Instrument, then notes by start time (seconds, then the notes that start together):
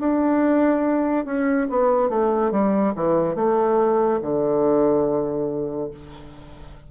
bassoon
0.00 D4
1.26 C#4
1.70 B3
2.10 A3
2.52 G3
2.95 E3
3.36 A3
4.22 D3